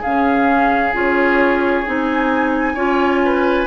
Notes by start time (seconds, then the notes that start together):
0.00 C#3 C#4 G#4 F5
0.93 C#4 F4 C#5
1.86 C4 D#4 G#5
2.74 C#4 F4 C#5
3.25 B4